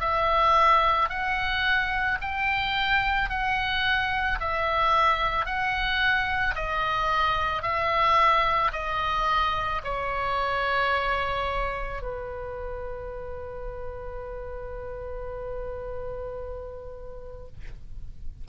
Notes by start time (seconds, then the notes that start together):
0.00 E5
1.09 F#5
2.21 G5
3.30 F#5
4.40 E5
5.46 F#5
6.55 D#5
7.63 E5
8.73 D#5
9.84 C#5
12.02 B4